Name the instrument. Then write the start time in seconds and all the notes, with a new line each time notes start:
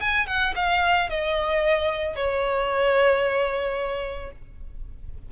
violin
0.00 G#5
0.26 F#5
0.55 F5
1.09 D#5
2.15 C#5